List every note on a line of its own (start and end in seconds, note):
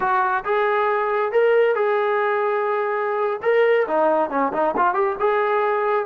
0.00 0.44 F#4
0.44 1.32 G#4
1.32 1.75 A#4
1.75 3.40 G#4
3.42 3.86 A#4
3.87 4.30 D#4
4.30 4.52 C#4
4.52 4.74 D#4
4.76 4.94 F4
4.94 5.16 G4
5.19 6.05 G#4